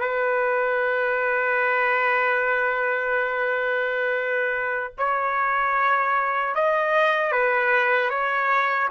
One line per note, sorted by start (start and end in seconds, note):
0.00 4.93 B4
4.98 6.55 C#5
6.55 7.32 D#5
7.32 8.10 B4
8.10 8.89 C#5